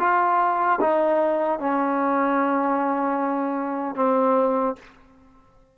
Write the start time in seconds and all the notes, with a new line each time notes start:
0.00 F4
0.81 D#4
1.60 C#4
3.96 C4